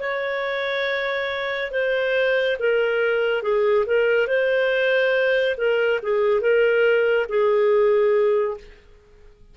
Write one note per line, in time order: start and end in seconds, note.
0.00 1.71 C#5
1.71 2.57 C5
2.59 3.42 A#4
3.42 3.85 G#4
3.86 4.27 A#4
4.27 5.56 C5
5.58 6.00 A#4
6.03 6.41 G#4
6.41 7.27 A#4
7.29 8.58 G#4